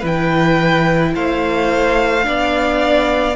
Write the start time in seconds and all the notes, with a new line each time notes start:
0.00 E3 E4 B4
0.06 G5
1.15 A3 C5 F5
2.23 B3 D4 D5